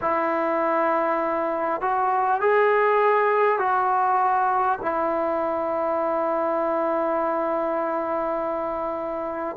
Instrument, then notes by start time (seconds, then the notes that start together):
trombone
0.01 E4
1.81 F#4
2.41 G#4
3.58 F#4
4.81 E4